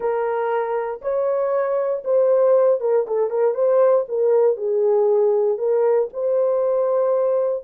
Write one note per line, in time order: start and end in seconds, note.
0.00 1.01 A#4
1.01 2.03 C#5
2.04 2.80 C5
2.80 3.06 A#4
3.07 3.30 A4
3.30 3.54 A#4
3.54 4.05 C5
4.08 4.56 A#4
4.56 5.58 G#4
5.58 6.09 A#4
6.13 7.63 C5